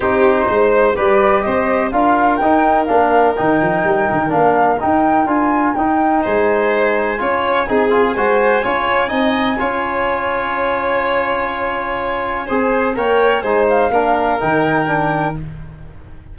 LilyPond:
<<
  \new Staff \with { instrumentName = "flute" } { \time 4/4 \tempo 4 = 125 c''2 d''4 dis''4 | f''4 g''4 f''4 g''4~ | g''4 f''4 g''4 gis''4 | g''4 gis''2.~ |
gis''1~ | gis''1~ | gis''2. g''4 | gis''8 f''4. g''2 | }
  \new Staff \with { instrumentName = "violin" } { \time 4/4 g'4 c''4 b'4 c''4 | ais'1~ | ais'1~ | ais'4 c''2 cis''4 |
gis'4 c''4 cis''4 dis''4 | cis''1~ | cis''2 c''4 cis''4 | c''4 ais'2. | }
  \new Staff \with { instrumentName = "trombone" } { \time 4/4 dis'2 g'2 | f'4 dis'4 d'4 dis'4~ | dis'4 d'4 dis'4 f'4 | dis'2. f'4 |
dis'8 f'8 fis'4 f'4 dis'4 | f'1~ | f'2 gis'4 ais'4 | dis'4 d'4 dis'4 d'4 | }
  \new Staff \with { instrumentName = "tuba" } { \time 4/4 c'4 gis4 g4 c'4 | d'4 dis'4 ais4 dis8 f8 | g8 dis8 ais4 dis'4 d'4 | dis'4 gis2 cis'4 |
c'4 gis4 cis'4 c'4 | cis'1~ | cis'2 c'4 ais4 | gis4 ais4 dis2 | }
>>